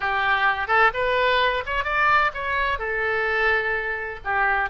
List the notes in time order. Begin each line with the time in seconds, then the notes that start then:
0.00 G4
0.67 A4
0.93 B4
1.66 C#5
1.84 D5
2.34 C#5
2.78 A4
4.24 G4